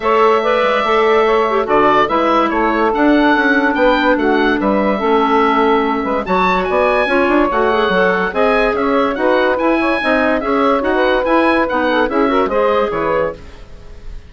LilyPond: <<
  \new Staff \with { instrumentName = "oboe" } { \time 4/4 \tempo 4 = 144 e''1 | d''4 e''4 cis''4 fis''4~ | fis''4 g''4 fis''4 e''4~ | e''2. a''4 |
gis''2 fis''2 | gis''4 e''4 fis''4 gis''4~ | gis''4 e''4 fis''4 gis''4 | fis''4 e''4 dis''4 cis''4 | }
  \new Staff \with { instrumentName = "saxophone" } { \time 4/4 cis''4 d''2 cis''4 | a'4 b'4 a'2~ | a'4 b'4 fis'4 b'4 | a'2~ a'8 b'8 cis''4 |
d''4 cis''2. | dis''4 cis''4 b'4. cis''8 | dis''4 cis''4~ cis''16 b'4.~ b'16~ | b'8 a'8 gis'8 ais'8 c''4 b'4 | }
  \new Staff \with { instrumentName = "clarinet" } { \time 4/4 a'4 b'4 a'4. g'8 | fis'4 e'2 d'4~ | d'1 | cis'2. fis'4~ |
fis'4 f'4 fis'8 gis'8 a'4 | gis'2 fis'4 e'4 | dis'4 gis'4 fis'4 e'4 | dis'4 e'8 fis'8 gis'2 | }
  \new Staff \with { instrumentName = "bassoon" } { \time 4/4 a4. gis8 a2 | d4 gis4 a4 d'4 | cis'4 b4 a4 g4 | a2~ a8 gis8 fis4 |
b4 cis'8 d'8 a4 fis4 | c'4 cis'4 dis'4 e'4 | c'4 cis'4 dis'4 e'4 | b4 cis'4 gis4 e4 | }
>>